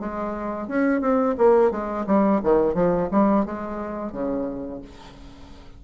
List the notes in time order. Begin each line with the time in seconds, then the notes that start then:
0.00 G#3
0.68 C#4
1.01 C4
1.38 A#3
1.71 G#3
2.07 G3
2.44 D#3
2.75 F3
3.12 G3
3.46 G#3
4.13 C#3